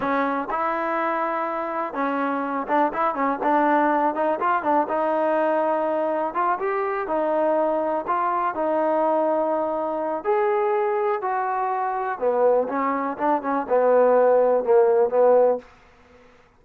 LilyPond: \new Staff \with { instrumentName = "trombone" } { \time 4/4 \tempo 4 = 123 cis'4 e'2. | cis'4. d'8 e'8 cis'8 d'4~ | d'8 dis'8 f'8 d'8 dis'2~ | dis'4 f'8 g'4 dis'4.~ |
dis'8 f'4 dis'2~ dis'8~ | dis'4 gis'2 fis'4~ | fis'4 b4 cis'4 d'8 cis'8 | b2 ais4 b4 | }